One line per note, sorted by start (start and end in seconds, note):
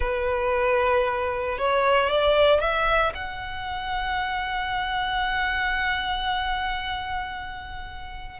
0.00 1.58 B4
1.58 2.09 C#5
2.09 2.60 D5
2.60 3.13 E5
3.14 8.39 F#5